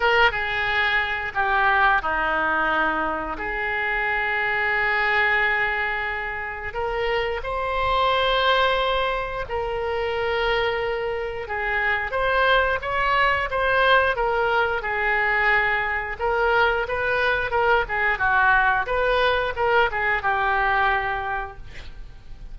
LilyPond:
\new Staff \with { instrumentName = "oboe" } { \time 4/4 \tempo 4 = 89 ais'8 gis'4. g'4 dis'4~ | dis'4 gis'2.~ | gis'2 ais'4 c''4~ | c''2 ais'2~ |
ais'4 gis'4 c''4 cis''4 | c''4 ais'4 gis'2 | ais'4 b'4 ais'8 gis'8 fis'4 | b'4 ais'8 gis'8 g'2 | }